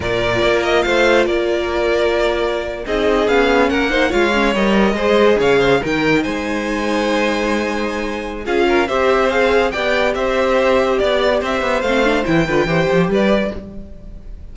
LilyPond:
<<
  \new Staff \with { instrumentName = "violin" } { \time 4/4 \tempo 4 = 142 d''4. dis''8 f''4 d''4~ | d''2~ d''8. dis''4 f''16~ | f''8. fis''4 f''4 dis''4~ dis''16~ | dis''8. f''4 g''4 gis''4~ gis''16~ |
gis''1 | f''4 e''4 f''4 g''4 | e''2 d''4 e''4 | f''4 g''2 d''4 | }
  \new Staff \with { instrumentName = "violin" } { \time 4/4 ais'2 c''4 ais'4~ | ais'2~ ais'8. gis'4~ gis'16~ | gis'8. ais'8 c''8 cis''2 c''16~ | c''8. cis''8 c''8 ais'4 c''4~ c''16~ |
c''1 | gis'8 ais'8 c''2 d''4 | c''2 d''4 c''4~ | c''4. b'8 c''4 b'4 | }
  \new Staff \with { instrumentName = "viola" } { \time 4/4 f'1~ | f'2~ f'8. dis'4 cis'16~ | cis'4~ cis'16 dis'8 f'8 cis'8 ais'4 gis'16~ | gis'4.~ gis'16 dis'2~ dis'16~ |
dis'1 | f'4 g'4 gis'4 g'4~ | g'1 | c'8 d'8 e'8 f'8 g'2 | }
  \new Staff \with { instrumentName = "cello" } { \time 4/4 ais,4 ais4 a4 ais4~ | ais2~ ais8. c'4 b16~ | b8. ais4 gis4 g4 gis16~ | gis8. cis4 dis4 gis4~ gis16~ |
gis1 | cis'4 c'2 b4 | c'2 b4 c'8 b8 | a4 e8 d8 e8 f8 g4 | }
>>